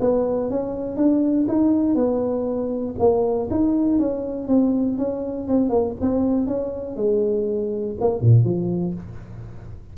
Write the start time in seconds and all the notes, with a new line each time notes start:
0.00 B3
0.50 C#4
0.96 D4
1.48 D#4
1.95 B3
2.99 A#3
3.51 D#4
3.99 C#4
4.48 C4
4.98 C#4
5.47 C4
5.69 A#3
6.01 C4
6.47 C#4
6.96 G#3
8.00 A#3
8.21 A#2
8.44 F3